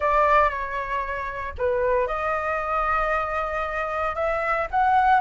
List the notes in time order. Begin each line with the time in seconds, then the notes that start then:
0.00 D5
0.49 C#5
1.58 B4
2.07 D#5
4.15 E5
4.71 F#5